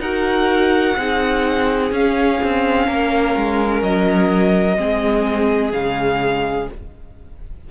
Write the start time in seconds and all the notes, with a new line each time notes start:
0.00 D#4 F#4 A#4 F#5
0.97 C4 D#4 G#4
1.91 C#4 F5
2.44 C4
2.87 A#3 A#4
3.36 G#3
3.83 F#3 D#5
4.77 G#3 C4 G#4
5.72 C#3 G#3 F5